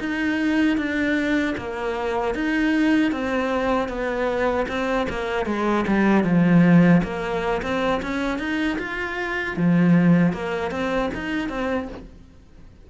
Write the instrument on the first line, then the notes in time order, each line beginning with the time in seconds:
cello
0.00 D#4
0.77 D4
1.58 A#3
2.34 D#4
3.12 C4
3.89 B3
4.68 C4
5.10 A#3
5.46 G#3
5.88 G3
6.24 F3
7.04 A#3
7.63 C4
8.03 C#4
8.39 D#4
8.79 F4
9.57 F3
10.33 A#3
10.71 C4
11.14 D#4
11.49 C4